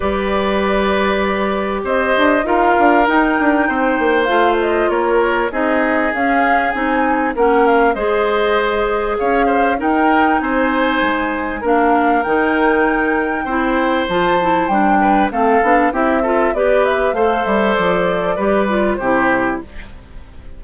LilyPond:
<<
  \new Staff \with { instrumentName = "flute" } { \time 4/4 \tempo 4 = 98 d''2. dis''4 | f''4 g''2 f''8 dis''8 | cis''4 dis''4 f''4 gis''4 | fis''8 f''8 dis''2 f''4 |
g''4 gis''2 f''4 | g''2. a''4 | g''4 f''4 e''4 d''8 e''8 | f''8 e''8 d''2 c''4 | }
  \new Staff \with { instrumentName = "oboe" } { \time 4/4 b'2. c''4 | ais'2 c''2 | ais'4 gis'2. | ais'4 c''2 cis''8 c''8 |
ais'4 c''2 ais'4~ | ais'2 c''2~ | c''8 b'8 a'4 g'8 a'8 b'4 | c''2 b'4 g'4 | }
  \new Staff \with { instrumentName = "clarinet" } { \time 4/4 g'1 | f'4 dis'2 f'4~ | f'4 dis'4 cis'4 dis'4 | cis'4 gis'2. |
dis'2. d'4 | dis'2 e'4 f'8 e'8 | d'4 c'8 d'8 e'8 f'8 g'4 | a'2 g'8 f'8 e'4 | }
  \new Staff \with { instrumentName = "bassoon" } { \time 4/4 g2. c'8 d'8 | dis'8 d'8 dis'8 d'8 c'8 ais8 a4 | ais4 c'4 cis'4 c'4 | ais4 gis2 cis'4 |
dis'4 c'4 gis4 ais4 | dis2 c'4 f4 | g4 a8 b8 c'4 b4 | a8 g8 f4 g4 c4 | }
>>